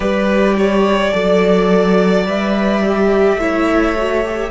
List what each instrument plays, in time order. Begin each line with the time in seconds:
0.00 cello G3, viola G4, violin B4 D5
0.58 violin C#5
1.12 cello F#3, viola A4, violin D5
2.25 cello G3, viola B4, violin E5
2.83 viola G4
3.36 cello A3, viola E4, violin C#5
3.97 viola F#4
4.24 viola G4